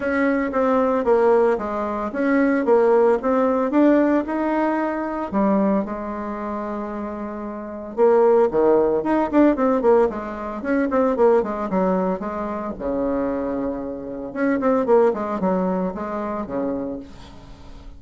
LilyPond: \new Staff \with { instrumentName = "bassoon" } { \time 4/4 \tempo 4 = 113 cis'4 c'4 ais4 gis4 | cis'4 ais4 c'4 d'4 | dis'2 g4 gis4~ | gis2. ais4 |
dis4 dis'8 d'8 c'8 ais8 gis4 | cis'8 c'8 ais8 gis8 fis4 gis4 | cis2. cis'8 c'8 | ais8 gis8 fis4 gis4 cis4 | }